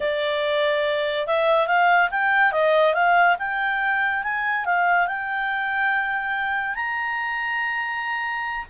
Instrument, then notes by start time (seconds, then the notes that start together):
clarinet
0.00 D5
1.27 E5
1.67 F5
2.10 G5
2.52 D#5
2.94 F5
3.38 G5
4.23 G#5
4.65 F5
5.07 G5
6.75 A#5